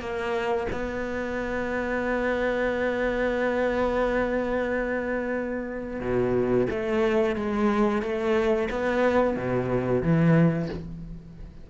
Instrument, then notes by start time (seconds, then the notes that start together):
cello
0.00 A#3
0.72 B3
6.00 B2
6.70 A3
7.35 G#3
8.02 A3
8.70 B3
9.36 B2
10.02 E3